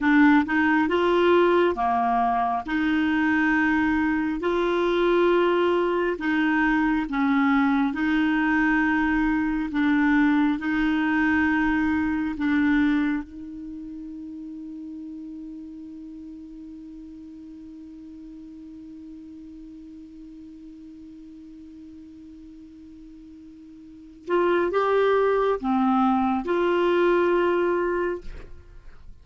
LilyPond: \new Staff \with { instrumentName = "clarinet" } { \time 4/4 \tempo 4 = 68 d'8 dis'8 f'4 ais4 dis'4~ | dis'4 f'2 dis'4 | cis'4 dis'2 d'4 | dis'2 d'4 dis'4~ |
dis'1~ | dis'1~ | dis'2.~ dis'8 f'8 | g'4 c'4 f'2 | }